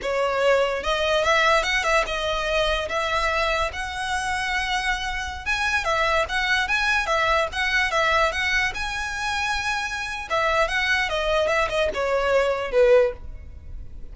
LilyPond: \new Staff \with { instrumentName = "violin" } { \time 4/4 \tempo 4 = 146 cis''2 dis''4 e''4 | fis''8 e''8 dis''2 e''4~ | e''4 fis''2.~ | fis''4~ fis''16 gis''4 e''4 fis''8.~ |
fis''16 gis''4 e''4 fis''4 e''8.~ | e''16 fis''4 gis''2~ gis''8.~ | gis''4 e''4 fis''4 dis''4 | e''8 dis''8 cis''2 b'4 | }